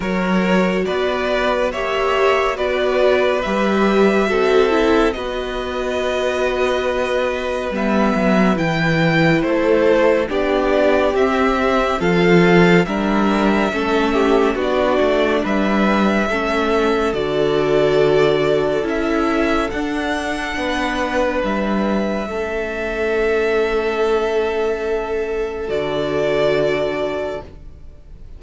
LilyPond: <<
  \new Staff \with { instrumentName = "violin" } { \time 4/4 \tempo 4 = 70 cis''4 d''4 e''4 d''4 | e''2 dis''2~ | dis''4 e''4 g''4 c''4 | d''4 e''4 f''4 e''4~ |
e''4 d''4 e''2 | d''2 e''4 fis''4~ | fis''4 e''2.~ | e''2 d''2 | }
  \new Staff \with { instrumentName = "violin" } { \time 4/4 ais'4 b'4 cis''4 b'4~ | b'4 a'4 b'2~ | b'2. a'4 | g'2 a'4 ais'4 |
a'8 g'8 fis'4 b'4 a'4~ | a'1 | b'2 a'2~ | a'1 | }
  \new Staff \with { instrumentName = "viola" } { \time 4/4 fis'2 g'4 fis'4 | g'4 fis'8 e'8 fis'2~ | fis'4 b4 e'2 | d'4 c'4 f'4 d'4 |
cis'4 d'2 cis'4 | fis'2 e'4 d'4~ | d'2 cis'2~ | cis'2 fis'2 | }
  \new Staff \with { instrumentName = "cello" } { \time 4/4 fis4 b4 ais4 b4 | g4 c'4 b2~ | b4 g8 fis8 e4 a4 | b4 c'4 f4 g4 |
a4 b8 a8 g4 a4 | d2 cis'4 d'4 | b4 g4 a2~ | a2 d2 | }
>>